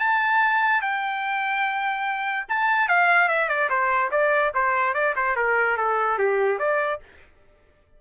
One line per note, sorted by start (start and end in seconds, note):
0.00 0.82 A5
0.82 2.46 G5
2.49 2.89 A5
2.89 3.29 F5
3.29 3.49 E5
3.49 3.70 D5
3.70 4.11 C5
4.12 4.53 D5
4.55 4.94 C5
4.94 5.15 D5
5.16 5.37 C5
5.37 5.78 A#4
5.78 6.19 A4
6.19 6.59 G4
6.59 7.00 D5